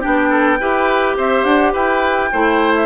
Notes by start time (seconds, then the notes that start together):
0.00 B3 D4 G4 G5
0.30 A4
0.60 E4 G4 B4
1.17 C4 C5 E5
1.44 D4 F#5
1.72 E4 B4 G5
2.32 A3 E4 C5
2.75 E5